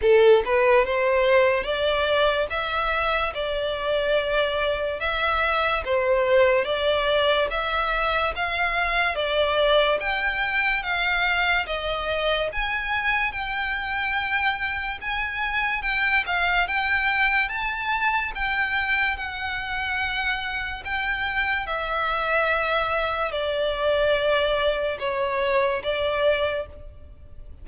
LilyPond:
\new Staff \with { instrumentName = "violin" } { \time 4/4 \tempo 4 = 72 a'8 b'8 c''4 d''4 e''4 | d''2 e''4 c''4 | d''4 e''4 f''4 d''4 | g''4 f''4 dis''4 gis''4 |
g''2 gis''4 g''8 f''8 | g''4 a''4 g''4 fis''4~ | fis''4 g''4 e''2 | d''2 cis''4 d''4 | }